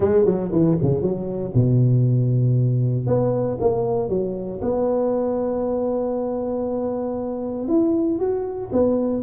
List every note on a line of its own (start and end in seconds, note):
0.00 0.25 G#3
0.25 0.50 F#3
0.52 0.77 E3
0.81 1.01 C#3
1.01 1.52 F#3
1.54 3.06 B2
3.06 3.58 B3
3.60 4.09 A#3
4.09 4.60 F#3
4.61 7.68 B3
7.68 8.19 E4
8.19 8.70 F#4
8.72 9.23 B3